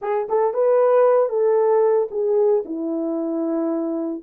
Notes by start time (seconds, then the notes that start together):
0.01 G#4
0.28 A4
0.53 B4
1.29 A4
2.11 G#4
2.65 E4